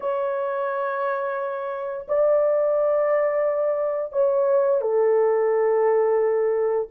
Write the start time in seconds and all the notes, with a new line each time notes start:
0.00 C#5
2.08 D5
4.12 C#5
4.81 A4